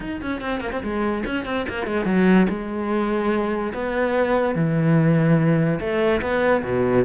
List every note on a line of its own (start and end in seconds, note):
0.00 0.21 D#4
0.21 0.41 C#4
0.41 0.60 C4
0.60 0.71 A#3
0.72 0.82 C4
0.82 1.24 G#3
1.25 1.45 C#4
1.45 1.66 C4
1.68 1.86 A#3
1.86 2.05 G#3
2.05 2.46 F#3
2.49 3.73 G#3
3.73 4.55 B3
4.55 5.79 E3
5.79 6.21 A3
6.21 6.62 B3
6.63 7.05 B2